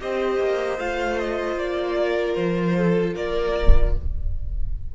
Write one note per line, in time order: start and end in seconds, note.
0.00 0.40 C4
0.00 0.79 G4
0.00 1.99 C5
0.00 0.80 D#5
0.40 0.78 A#3
0.78 1.56 A3
0.78 3.95 F4
0.78 1.19 F5
1.19 1.58 D#5
1.56 2.35 A#3
1.56 2.35 D5
1.99 2.77 A#4
2.35 3.15 F3
2.35 3.14 C5
2.77 3.14 A4
3.14 3.95 A#3
3.14 3.93 A#4
3.14 3.94 D5